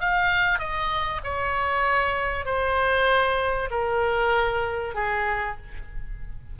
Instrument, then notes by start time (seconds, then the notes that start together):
oboe
0.00 F5
0.58 D#5
1.23 C#5
2.45 C5
3.70 A#4
4.94 G#4